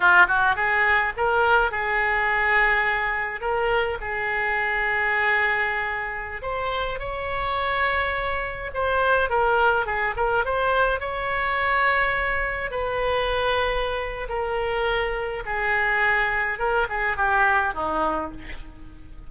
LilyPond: \new Staff \with { instrumentName = "oboe" } { \time 4/4 \tempo 4 = 105 f'8 fis'8 gis'4 ais'4 gis'4~ | gis'2 ais'4 gis'4~ | gis'2.~ gis'16 c''8.~ | c''16 cis''2. c''8.~ |
c''16 ais'4 gis'8 ais'8 c''4 cis''8.~ | cis''2~ cis''16 b'4.~ b'16~ | b'4 ais'2 gis'4~ | gis'4 ais'8 gis'8 g'4 dis'4 | }